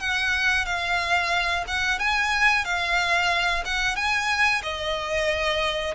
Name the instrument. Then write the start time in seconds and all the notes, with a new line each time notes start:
violin
0.00 F#5
0.66 F5
1.68 F#5
1.99 G#5
2.65 F5
3.65 F#5
3.96 G#5
4.63 D#5